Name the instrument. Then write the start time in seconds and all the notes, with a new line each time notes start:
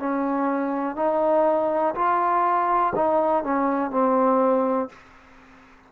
trombone
0.00 C#4
0.97 D#4
1.95 F4
2.96 D#4
3.44 C#4
3.92 C4